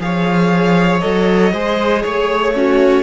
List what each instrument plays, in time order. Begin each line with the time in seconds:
0.00 cello F3, viola G#4, violin C#5 F5
1.01 cello F#3, viola A4, violin D#5
1.53 cello G#3, viola G#4, violin C5
2.03 cello A3, violin C#5
2.55 violin C#4, viola F#4